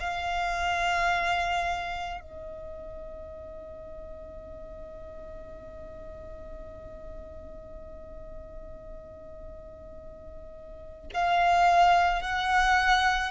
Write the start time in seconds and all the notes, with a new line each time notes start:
0.00 F5
2.21 D#5
11.14 F5
12.22 F#5